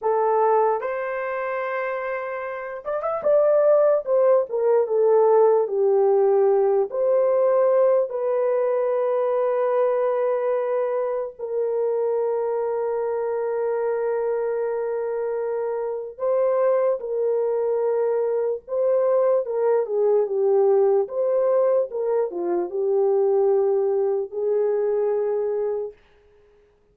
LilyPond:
\new Staff \with { instrumentName = "horn" } { \time 4/4 \tempo 4 = 74 a'4 c''2~ c''8 d''16 e''16 | d''4 c''8 ais'8 a'4 g'4~ | g'8 c''4. b'2~ | b'2 ais'2~ |
ais'1 | c''4 ais'2 c''4 | ais'8 gis'8 g'4 c''4 ais'8 f'8 | g'2 gis'2 | }